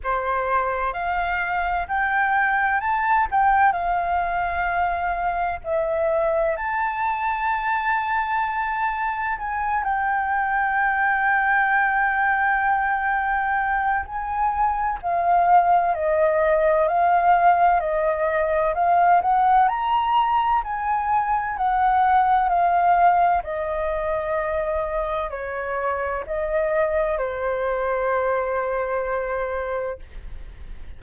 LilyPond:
\new Staff \with { instrumentName = "flute" } { \time 4/4 \tempo 4 = 64 c''4 f''4 g''4 a''8 g''8 | f''2 e''4 a''4~ | a''2 gis''8 g''4.~ | g''2. gis''4 |
f''4 dis''4 f''4 dis''4 | f''8 fis''8 ais''4 gis''4 fis''4 | f''4 dis''2 cis''4 | dis''4 c''2. | }